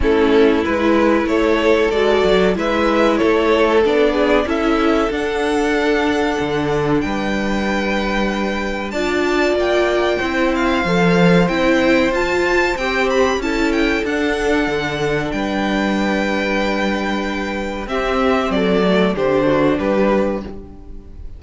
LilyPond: <<
  \new Staff \with { instrumentName = "violin" } { \time 4/4 \tempo 4 = 94 a'4 b'4 cis''4 d''4 | e''4 cis''4 d''4 e''4 | fis''2. g''4~ | g''2 a''4 g''4~ |
g''8 f''4. g''4 a''4 | g''8 b''8 a''8 g''8 fis''2 | g''1 | e''4 d''4 c''4 b'4 | }
  \new Staff \with { instrumentName = "violin" } { \time 4/4 e'2 a'2 | b'4 a'4. gis'8 a'4~ | a'2. b'4~ | b'2 d''2 |
c''1~ | c''4 a'2. | b'1 | g'4 a'4 g'8 fis'8 g'4 | }
  \new Staff \with { instrumentName = "viola" } { \time 4/4 cis'4 e'2 fis'4 | e'2 d'4 e'4 | d'1~ | d'2 f'2 |
e'4 a'4 e'4 f'4 | g'4 e'4 d'2~ | d'1 | c'4. a8 d'2 | }
  \new Staff \with { instrumentName = "cello" } { \time 4/4 a4 gis4 a4 gis8 fis8 | gis4 a4 b4 cis'4 | d'2 d4 g4~ | g2 d'4 ais4 |
c'4 f4 c'4 f'4 | c'4 cis'4 d'4 d4 | g1 | c'4 fis4 d4 g4 | }
>>